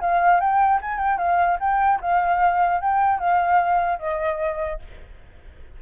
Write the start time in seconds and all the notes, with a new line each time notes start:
0.00 F5
0.40 G5
0.81 G#5
0.98 G5
1.18 F5
1.59 G5
2.01 F5
2.81 G5
3.19 F5
3.99 D#5